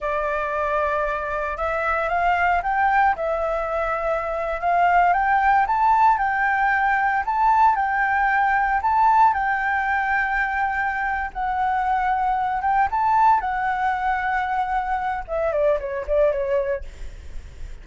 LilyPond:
\new Staff \with { instrumentName = "flute" } { \time 4/4 \tempo 4 = 114 d''2. e''4 | f''4 g''4 e''2~ | e''8. f''4 g''4 a''4 g''16~ | g''4.~ g''16 a''4 g''4~ g''16~ |
g''8. a''4 g''2~ g''16~ | g''4. fis''2~ fis''8 | g''8 a''4 fis''2~ fis''8~ | fis''4 e''8 d''8 cis''8 d''8 cis''4 | }